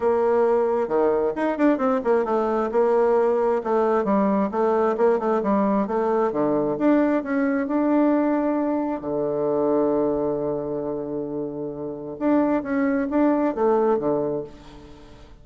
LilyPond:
\new Staff \with { instrumentName = "bassoon" } { \time 4/4 \tempo 4 = 133 ais2 dis4 dis'8 d'8 | c'8 ais8 a4 ais2 | a4 g4 a4 ais8 a8 | g4 a4 d4 d'4 |
cis'4 d'2. | d1~ | d2. d'4 | cis'4 d'4 a4 d4 | }